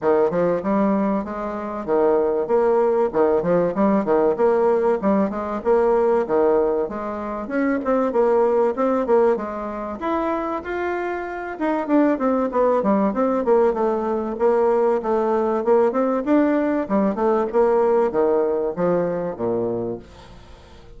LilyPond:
\new Staff \with { instrumentName = "bassoon" } { \time 4/4 \tempo 4 = 96 dis8 f8 g4 gis4 dis4 | ais4 dis8 f8 g8 dis8 ais4 | g8 gis8 ais4 dis4 gis4 | cis'8 c'8 ais4 c'8 ais8 gis4 |
e'4 f'4. dis'8 d'8 c'8 | b8 g8 c'8 ais8 a4 ais4 | a4 ais8 c'8 d'4 g8 a8 | ais4 dis4 f4 ais,4 | }